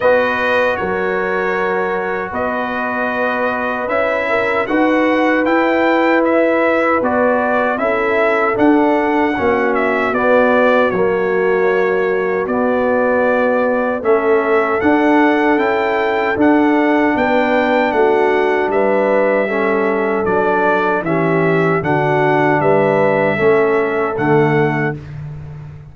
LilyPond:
<<
  \new Staff \with { instrumentName = "trumpet" } { \time 4/4 \tempo 4 = 77 dis''4 cis''2 dis''4~ | dis''4 e''4 fis''4 g''4 | e''4 d''4 e''4 fis''4~ | fis''8 e''8 d''4 cis''2 |
d''2 e''4 fis''4 | g''4 fis''4 g''4 fis''4 | e''2 d''4 e''4 | fis''4 e''2 fis''4 | }
  \new Staff \with { instrumentName = "horn" } { \time 4/4 b'4 ais'2 b'4~ | b'4. ais'8 b'2~ | b'2 a'2 | fis'1~ |
fis'2 a'2~ | a'2 b'4 fis'4 | b'4 a'2 g'4 | fis'4 b'4 a'2 | }
  \new Staff \with { instrumentName = "trombone" } { \time 4/4 fis'1~ | fis'4 e'4 fis'4 e'4~ | e'4 fis'4 e'4 d'4 | cis'4 b4 ais2 |
b2 cis'4 d'4 | e'4 d'2.~ | d'4 cis'4 d'4 cis'4 | d'2 cis'4 a4 | }
  \new Staff \with { instrumentName = "tuba" } { \time 4/4 b4 fis2 b4~ | b4 cis'4 dis'4 e'4~ | e'4 b4 cis'4 d'4 | ais4 b4 fis2 |
b2 a4 d'4 | cis'4 d'4 b4 a4 | g2 fis4 e4 | d4 g4 a4 d4 | }
>>